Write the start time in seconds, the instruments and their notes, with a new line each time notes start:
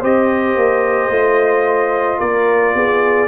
0.00 tuba C4, trombone G4, horn C5, trumpet D#5
0.56 tuba A#3
1.08 tuba A3, trombone F4
2.19 tuba A#3, horn A#4, trumpet D5
2.74 tuba B3, horn G#4